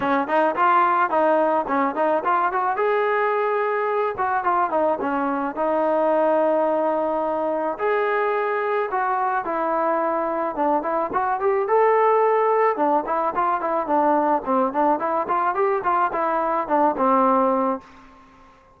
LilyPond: \new Staff \with { instrumentName = "trombone" } { \time 4/4 \tempo 4 = 108 cis'8 dis'8 f'4 dis'4 cis'8 dis'8 | f'8 fis'8 gis'2~ gis'8 fis'8 | f'8 dis'8 cis'4 dis'2~ | dis'2 gis'2 |
fis'4 e'2 d'8 e'8 | fis'8 g'8 a'2 d'8 e'8 | f'8 e'8 d'4 c'8 d'8 e'8 f'8 | g'8 f'8 e'4 d'8 c'4. | }